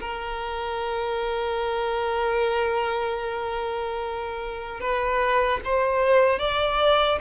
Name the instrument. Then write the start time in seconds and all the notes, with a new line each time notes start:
violin
0.00 A#4
4.80 B4
5.64 C5
6.39 D5